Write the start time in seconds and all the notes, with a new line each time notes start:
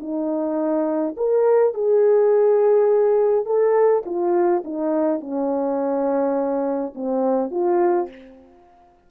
0.00 D#4
1.17 A#4
1.74 G#4
3.46 A4
4.06 F4
4.65 D#4
5.21 C#4
6.95 C4
7.51 F4